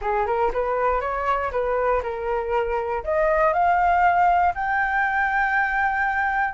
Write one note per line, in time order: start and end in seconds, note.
0.01 0.26 G#4
0.26 0.51 A#4
0.53 1.00 B4
1.00 1.51 C#5
1.51 2.02 B4
2.02 3.03 A#4
3.03 3.53 D#5
3.53 4.54 F5
4.54 6.54 G5